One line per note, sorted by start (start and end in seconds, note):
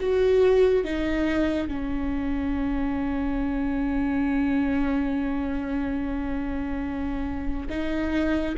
0.00 0.85 F#4
0.85 1.68 D#4
1.68 7.68 C#4
7.69 8.55 D#4